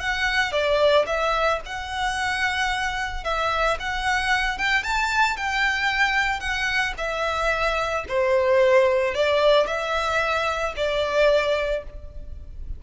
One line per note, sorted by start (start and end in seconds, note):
0.00 0.52 F#5
0.52 1.05 D5
1.06 1.60 E5
1.65 3.24 F#5
3.24 3.77 E5
3.80 4.58 F#5
4.58 4.83 G5
4.83 5.37 A5
5.37 6.40 G5
6.40 6.94 F#5
6.97 8.05 E5
8.08 9.14 C5
9.14 9.66 D5
9.66 10.74 E5
10.76 11.83 D5